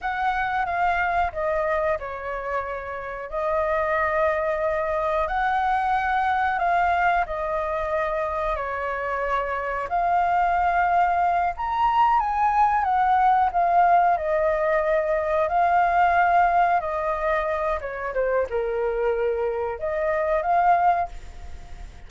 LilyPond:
\new Staff \with { instrumentName = "flute" } { \time 4/4 \tempo 4 = 91 fis''4 f''4 dis''4 cis''4~ | cis''4 dis''2. | fis''2 f''4 dis''4~ | dis''4 cis''2 f''4~ |
f''4. ais''4 gis''4 fis''8~ | fis''8 f''4 dis''2 f''8~ | f''4. dis''4. cis''8 c''8 | ais'2 dis''4 f''4 | }